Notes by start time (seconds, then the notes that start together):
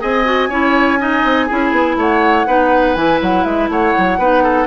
0.00 C4 G#4 D#5 G#5
0.25 F#4
0.49 C#4 E4 C#5
0.99 D#4 D#5
1.24 C4
1.47 C#4 E4 G#4
1.72 B3
1.96 A3 C#5 F#5
2.47 B3 D#4 B4
2.95 E3 E4 G#5
3.22 F#3 F#5
3.44 G#3 E5
3.69 A3 C#5 F#5
3.98 F#3
4.18 B3 D#4 B4
4.43 A4